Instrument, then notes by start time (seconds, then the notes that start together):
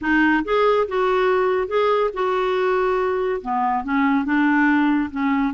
clarinet
0.01 D#4
0.44 G#4
0.88 F#4
1.67 G#4
2.13 F#4
3.41 B3
3.84 C#4
4.24 D4
5.11 C#4